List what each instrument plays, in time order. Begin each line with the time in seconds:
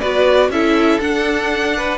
0.00 cello B3, viola F#4, violin B4 D5
0.49 cello C#4, viola E4, violin A4 E5
1.00 cello D4, viola D4, violin F#5
1.77 violin B4